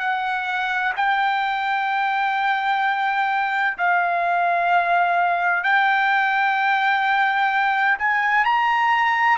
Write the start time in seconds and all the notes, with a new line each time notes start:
0.00 F#5
0.97 G5
3.78 F5
5.64 G5
7.99 G#5
8.45 A#5